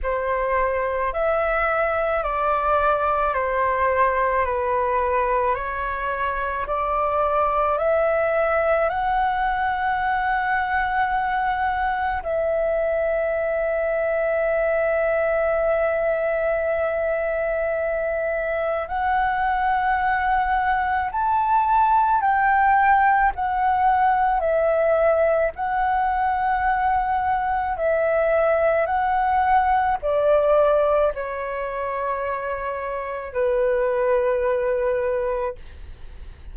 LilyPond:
\new Staff \with { instrumentName = "flute" } { \time 4/4 \tempo 4 = 54 c''4 e''4 d''4 c''4 | b'4 cis''4 d''4 e''4 | fis''2. e''4~ | e''1~ |
e''4 fis''2 a''4 | g''4 fis''4 e''4 fis''4~ | fis''4 e''4 fis''4 d''4 | cis''2 b'2 | }